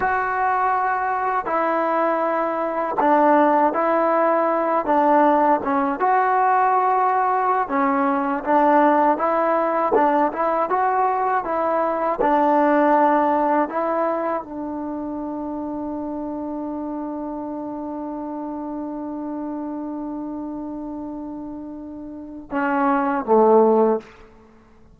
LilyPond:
\new Staff \with { instrumentName = "trombone" } { \time 4/4 \tempo 4 = 80 fis'2 e'2 | d'4 e'4. d'4 cis'8 | fis'2~ fis'16 cis'4 d'8.~ | d'16 e'4 d'8 e'8 fis'4 e'8.~ |
e'16 d'2 e'4 d'8.~ | d'1~ | d'1~ | d'2 cis'4 a4 | }